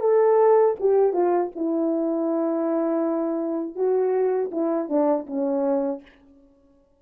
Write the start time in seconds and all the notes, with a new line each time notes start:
0.00 A4
0.80 G4
1.13 F4
1.55 E4
3.75 F#4
4.51 E4
4.89 D4
5.27 C#4